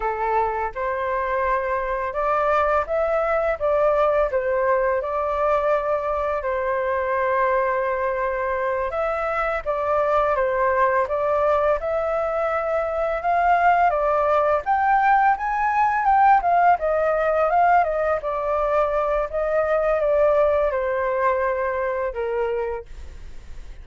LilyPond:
\new Staff \with { instrumentName = "flute" } { \time 4/4 \tempo 4 = 84 a'4 c''2 d''4 | e''4 d''4 c''4 d''4~ | d''4 c''2.~ | c''8 e''4 d''4 c''4 d''8~ |
d''8 e''2 f''4 d''8~ | d''8 g''4 gis''4 g''8 f''8 dis''8~ | dis''8 f''8 dis''8 d''4. dis''4 | d''4 c''2 ais'4 | }